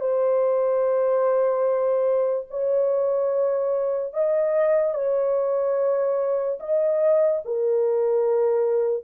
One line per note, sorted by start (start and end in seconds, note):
0.00 2.47 C5
2.50 4.13 C#5
4.13 4.94 D#5
4.94 6.59 C#5
6.60 7.42 D#5
7.45 9.04 A#4